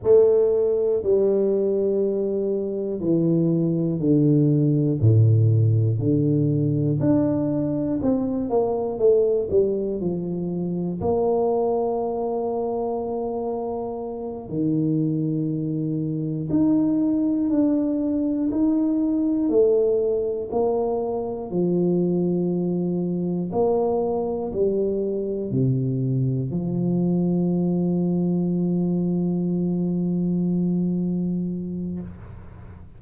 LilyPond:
\new Staff \with { instrumentName = "tuba" } { \time 4/4 \tempo 4 = 60 a4 g2 e4 | d4 a,4 d4 d'4 | c'8 ais8 a8 g8 f4 ais4~ | ais2~ ais8 dis4.~ |
dis8 dis'4 d'4 dis'4 a8~ | a8 ais4 f2 ais8~ | ais8 g4 c4 f4.~ | f1 | }